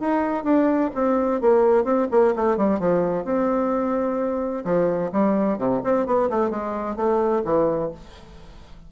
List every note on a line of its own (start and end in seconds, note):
0.00 0.44 D#4
0.44 0.90 D4
0.95 1.41 C4
1.41 1.85 A#3
1.85 2.08 C4
2.11 2.34 A#3
2.36 2.57 A3
2.57 2.80 G3
2.80 3.25 F3
3.25 4.64 C4
4.65 5.11 F3
5.12 5.59 G3
5.59 5.82 C3
5.84 6.06 C4
6.06 6.30 B3
6.30 6.50 A3
6.50 6.96 G#3
6.96 7.43 A3
7.45 7.91 E3